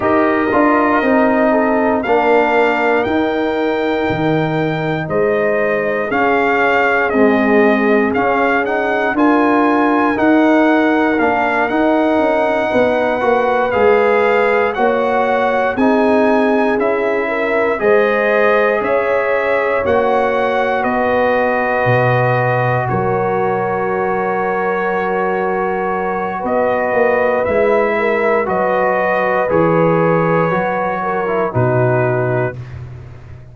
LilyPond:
<<
  \new Staff \with { instrumentName = "trumpet" } { \time 4/4 \tempo 4 = 59 dis''2 f''4 g''4~ | g''4 dis''4 f''4 dis''4 | f''8 fis''8 gis''4 fis''4 f''8 fis''8~ | fis''4. f''4 fis''4 gis''8~ |
gis''8 e''4 dis''4 e''4 fis''8~ | fis''8 dis''2 cis''4.~ | cis''2 dis''4 e''4 | dis''4 cis''2 b'4 | }
  \new Staff \with { instrumentName = "horn" } { \time 4/4 ais'4. a'8 ais'2~ | ais'4 c''4 gis'2~ | gis'4 ais'2.~ | ais'8 b'2 cis''4 gis'8~ |
gis'4 ais'8 c''4 cis''4.~ | cis''8 b'2 ais'4.~ | ais'2 b'4. ais'8 | b'2~ b'8 ais'8 fis'4 | }
  \new Staff \with { instrumentName = "trombone" } { \time 4/4 g'8 f'8 dis'4 d'4 dis'4~ | dis'2 cis'4 gis4 | cis'8 dis'8 f'4 dis'4 d'8 dis'8~ | dis'4 fis'8 gis'4 fis'4 dis'8~ |
dis'8 e'4 gis'2 fis'8~ | fis'1~ | fis'2. e'4 | fis'4 gis'4 fis'8. e'16 dis'4 | }
  \new Staff \with { instrumentName = "tuba" } { \time 4/4 dis'8 d'8 c'4 ais4 dis'4 | dis4 gis4 cis'4 c'4 | cis'4 d'4 dis'4 ais8 dis'8 | cis'8 b8 ais8 gis4 ais4 c'8~ |
c'8 cis'4 gis4 cis'4 ais8~ | ais8 b4 b,4 fis4.~ | fis2 b8 ais8 gis4 | fis4 e4 fis4 b,4 | }
>>